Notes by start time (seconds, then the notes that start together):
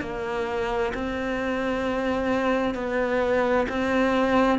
0.00 A#3
0.94 C4
2.74 B3
3.68 C4